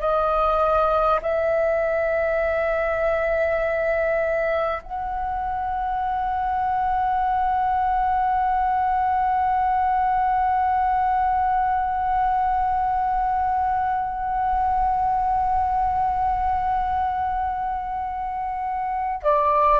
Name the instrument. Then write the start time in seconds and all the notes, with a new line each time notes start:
flute
0.00 D#5
1.22 E5
4.83 F#5
19.22 D5